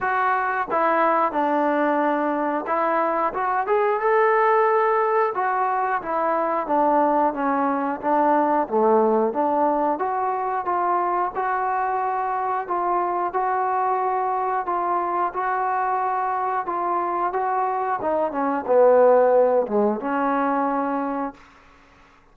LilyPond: \new Staff \with { instrumentName = "trombone" } { \time 4/4 \tempo 4 = 90 fis'4 e'4 d'2 | e'4 fis'8 gis'8 a'2 | fis'4 e'4 d'4 cis'4 | d'4 a4 d'4 fis'4 |
f'4 fis'2 f'4 | fis'2 f'4 fis'4~ | fis'4 f'4 fis'4 dis'8 cis'8 | b4. gis8 cis'2 | }